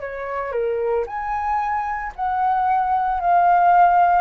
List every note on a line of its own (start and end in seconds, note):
0.00 0.53 C#5
0.53 1.05 A#4
1.07 2.12 G#5
2.16 3.21 F#5
3.21 4.22 F5